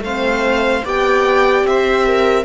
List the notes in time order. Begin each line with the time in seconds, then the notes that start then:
0.00 A3 C4 C5 F5
0.84 B3 G4 D5 G5
1.64 C4 C5 E5
2.06 A#4